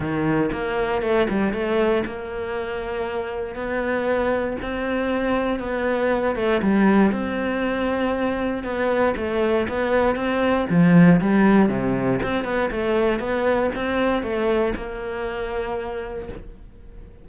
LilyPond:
\new Staff \with { instrumentName = "cello" } { \time 4/4 \tempo 4 = 118 dis4 ais4 a8 g8 a4 | ais2. b4~ | b4 c'2 b4~ | b8 a8 g4 c'2~ |
c'4 b4 a4 b4 | c'4 f4 g4 c4 | c'8 b8 a4 b4 c'4 | a4 ais2. | }